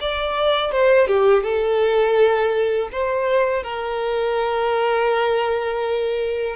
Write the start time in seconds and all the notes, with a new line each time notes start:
0.00 D5
0.71 C5
1.07 G4
1.43 A4
2.92 C5
3.63 A#4